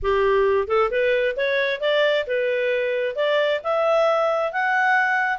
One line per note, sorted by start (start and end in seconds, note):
0.02 0.67 G4
0.67 0.90 A4
0.90 1.35 B4
1.36 1.80 C#5
1.80 2.25 D5
2.27 3.15 B4
3.15 3.60 D5
3.63 4.52 E5
4.52 5.38 F#5